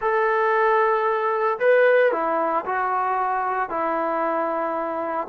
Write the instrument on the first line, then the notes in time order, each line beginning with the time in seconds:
trombone
0.01 A4
1.59 B4
2.12 E4
2.65 F#4
3.69 E4